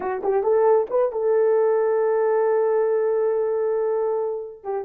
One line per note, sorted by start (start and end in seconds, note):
0.00 0.22 F#4
0.23 0.43 G4
0.43 0.87 A4
0.89 1.11 B4
1.12 4.63 A4
4.63 4.84 G4